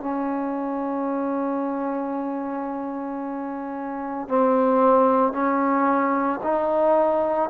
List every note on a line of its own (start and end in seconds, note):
0.00 4.28 C#4
4.28 5.33 C4
5.33 6.40 C#4
6.43 7.50 D#4